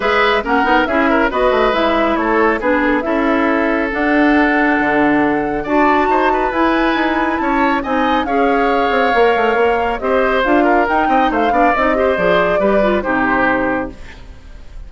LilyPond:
<<
  \new Staff \with { instrumentName = "flute" } { \time 4/4 \tempo 4 = 138 e''4 fis''4 e''4 dis''4 | e''4 cis''4 b'8 a'8 e''4~ | e''4 fis''2.~ | fis''4 a''2 gis''4~ |
gis''4 a''4 gis''4 f''4~ | f''2. dis''4 | f''4 g''4 f''4 dis''4 | d''2 c''2 | }
  \new Staff \with { instrumentName = "oboe" } { \time 4/4 b'4 ais'4 gis'8 ais'8 b'4~ | b'4 a'4 gis'4 a'4~ | a'1~ | a'4 d''4 c''8 b'4.~ |
b'4 cis''4 dis''4 cis''4~ | cis''2. c''4~ | c''8 ais'4 dis''8 c''8 d''4 c''8~ | c''4 b'4 g'2 | }
  \new Staff \with { instrumentName = "clarinet" } { \time 4/4 gis'4 cis'8 dis'8 e'4 fis'4 | e'2 d'4 e'4~ | e'4 d'2.~ | d'4 fis'2 e'4~ |
e'2 dis'4 gis'4~ | gis'4 ais'2 g'4 | f'4 dis'4. d'8 dis'8 g'8 | gis'4 g'8 f'8 dis'2 | }
  \new Staff \with { instrumentName = "bassoon" } { \time 4/4 gis4 ais8 b8 cis'4 b8 a8 | gis4 a4 b4 cis'4~ | cis'4 d'2 d4~ | d4 d'4 dis'4 e'4 |
dis'4 cis'4 c'4 cis'4~ | cis'8 c'8 ais8 a8 ais4 c'4 | d'4 dis'8 c'8 a8 b8 c'4 | f4 g4 c2 | }
>>